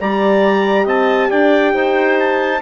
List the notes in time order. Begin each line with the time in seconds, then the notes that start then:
0.00 G3 G4 D5 A#5
0.85 C4 D#5 A5
1.30 D4 D5 G5
1.74 D#4 C5
2.20 A5